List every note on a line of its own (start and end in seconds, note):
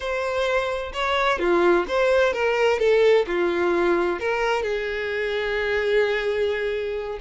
0.00 0.92 C5
0.93 1.39 C#5
1.39 1.85 F4
1.88 2.33 C5
2.33 2.79 A#4
2.79 3.25 A4
3.27 4.19 F4
4.19 4.62 A#4
4.62 7.18 G#4